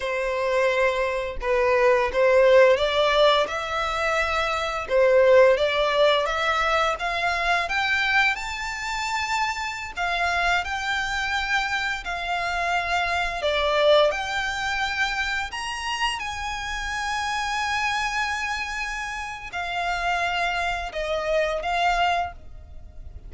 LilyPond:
\new Staff \with { instrumentName = "violin" } { \time 4/4 \tempo 4 = 86 c''2 b'4 c''4 | d''4 e''2 c''4 | d''4 e''4 f''4 g''4 | a''2~ a''16 f''4 g''8.~ |
g''4~ g''16 f''2 d''8.~ | d''16 g''2 ais''4 gis''8.~ | gis''1 | f''2 dis''4 f''4 | }